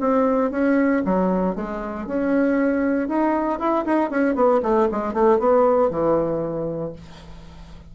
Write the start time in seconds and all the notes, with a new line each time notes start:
0.00 C4
0.51 C#4
1.05 F#3
1.55 G#3
2.06 C#4
3.08 D#4
3.59 E4
3.85 D#4
4.10 C#4
4.35 B3
4.62 A3
4.91 G#3
5.13 A3
5.39 B3
5.90 E3